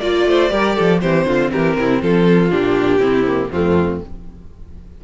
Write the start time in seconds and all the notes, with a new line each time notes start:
0.00 A#3 F4 D5
0.26 A3 C5
0.49 G3 G4 A#4
0.76 F3 A4
1.00 E3 C4 G4 C5
1.26 D3 F4
1.51 E3 G4 A#4
1.77 C3 E4
2.02 F3 F4 A4
2.51 A#2 D4 G4
2.99 C3 C4 E4
3.26 A#3
3.51 F2 A3 C4 F4